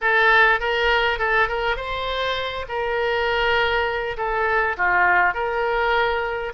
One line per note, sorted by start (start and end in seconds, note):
0.01 0.60 A4
0.60 1.18 A#4
1.18 1.48 A4
1.48 1.76 A#4
1.76 2.65 C5
2.68 4.17 A#4
4.17 4.76 A4
4.77 5.34 F4
5.34 6.53 A#4